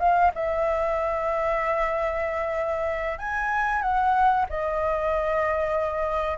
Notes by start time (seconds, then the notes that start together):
0.00 F5
0.35 E5
3.19 G#5
3.82 F#5
4.50 D#5